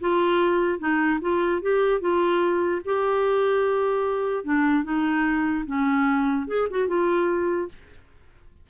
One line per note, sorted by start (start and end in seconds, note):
0.00 0.79 F4
0.79 1.19 D#4
1.21 1.61 F4
1.62 2.00 G4
2.00 2.81 F4
2.85 4.44 G4
4.44 4.84 D4
4.84 5.65 D#4
5.66 6.47 C#4
6.47 6.68 G#4
6.70 6.87 F#4
6.87 7.68 F4